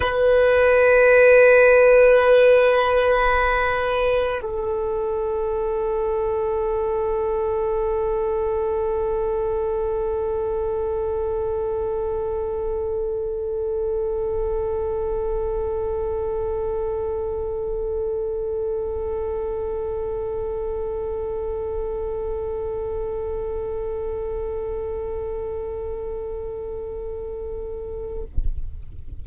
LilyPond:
\new Staff \with { instrumentName = "violin" } { \time 4/4 \tempo 4 = 68 b'1~ | b'4 a'2.~ | a'1~ | a'1~ |
a'1~ | a'1~ | a'1~ | a'1 | }